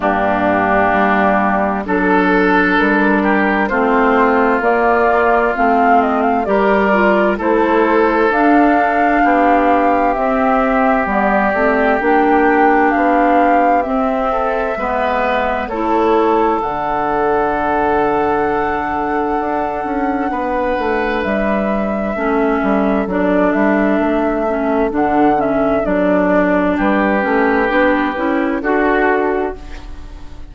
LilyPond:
<<
  \new Staff \with { instrumentName = "flute" } { \time 4/4 \tempo 4 = 65 g'2 a'4 ais'4 | c''4 d''4 f''8 dis''16 f''16 d''4 | c''4 f''2 e''4 | d''4 g''4 f''4 e''4~ |
e''4 cis''4 fis''2~ | fis''2. e''4~ | e''4 d''8 e''4. fis''8 e''8 | d''4 b'2 a'4 | }
  \new Staff \with { instrumentName = "oboe" } { \time 4/4 d'2 a'4. g'8 | f'2. ais'4 | a'2 g'2~ | g'2.~ g'8 a'8 |
b'4 a'2.~ | a'2 b'2 | a'1~ | a'4 g'2 fis'4 | }
  \new Staff \with { instrumentName = "clarinet" } { \time 4/4 ais2 d'2 | c'4 ais4 c'4 g'8 f'8 | e'4 d'2 c'4 | b8 c'8 d'2 c'4 |
b4 e'4 d'2~ | d'1 | cis'4 d'4. cis'8 d'8 cis'8 | d'4. cis'8 d'8 e'8 fis'4 | }
  \new Staff \with { instrumentName = "bassoon" } { \time 4/4 g,4 g4 fis4 g4 | a4 ais4 a4 g4 | a4 d'4 b4 c'4 | g8 a8 ais4 b4 c'4 |
gis4 a4 d2~ | d4 d'8 cis'8 b8 a8 g4 | a8 g8 fis8 g8 a4 d4 | fis4 g8 a8 b8 cis'8 d'4 | }
>>